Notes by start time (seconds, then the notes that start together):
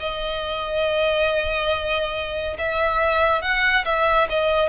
0.00 D#5
2.59 E5
3.42 F#5
3.85 E5
4.30 D#5